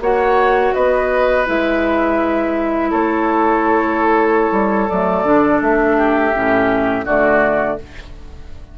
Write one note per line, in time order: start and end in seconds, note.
0.00 0.72 A#3
0.00 1.45 F#4
0.00 0.75 C#5
0.00 0.74 F#5
0.74 1.48 B3
0.74 2.91 B4
0.74 1.46 D#5
1.45 2.92 G#3
1.45 4.89 E4
1.45 2.92 E5
2.91 4.52 A3
2.91 5.97 A4
2.91 4.89 C#5
4.52 4.88 G3
4.89 5.23 F#3
4.89 5.25 A3
4.89 5.61 D5
5.23 5.59 D3
5.23 6.33 D4
5.61 6.33 A3
5.61 7.06 E5
5.97 7.05 G4
6.33 7.06 A2
6.33 7.06 C#4
7.05 7.78 D3
7.05 7.78 A3
7.05 7.77 F#4
7.05 7.78 D5